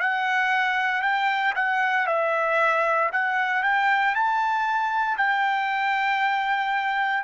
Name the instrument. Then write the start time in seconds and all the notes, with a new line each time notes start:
trumpet
0.00 F#5
1.02 G5
1.55 F#5
2.06 E5
3.12 F#5
3.63 G5
4.15 A5
5.17 G5